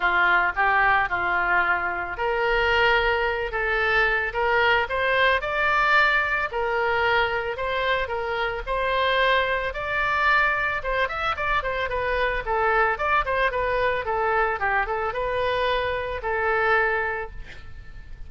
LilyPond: \new Staff \with { instrumentName = "oboe" } { \time 4/4 \tempo 4 = 111 f'4 g'4 f'2 | ais'2~ ais'8 a'4. | ais'4 c''4 d''2 | ais'2 c''4 ais'4 |
c''2 d''2 | c''8 e''8 d''8 c''8 b'4 a'4 | d''8 c''8 b'4 a'4 g'8 a'8 | b'2 a'2 | }